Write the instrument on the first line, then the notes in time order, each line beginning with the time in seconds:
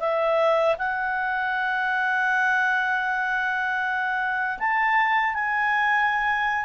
clarinet
0.00 E5
0.79 F#5
4.59 A5
5.34 G#5